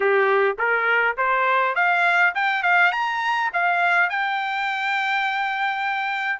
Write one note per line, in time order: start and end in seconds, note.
0.00 0.57 G4
0.58 1.17 A#4
1.17 1.75 C5
1.75 2.33 F5
2.34 2.62 G5
2.62 2.92 F5
2.92 3.50 A#5
3.53 4.09 F5
4.09 6.39 G5